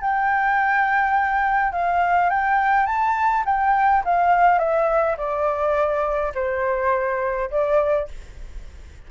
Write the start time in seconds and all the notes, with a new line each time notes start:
0.00 G5
1.72 F5
2.29 G5
2.86 A5
3.45 G5
4.04 F5
4.58 E5
5.17 D5
6.34 C5
7.50 D5